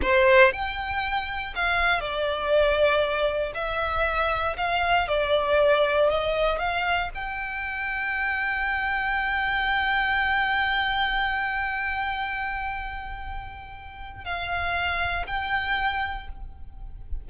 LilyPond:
\new Staff \with { instrumentName = "violin" } { \time 4/4 \tempo 4 = 118 c''4 g''2 f''4 | d''2. e''4~ | e''4 f''4 d''2 | dis''4 f''4 g''2~ |
g''1~ | g''1~ | g''1 | f''2 g''2 | }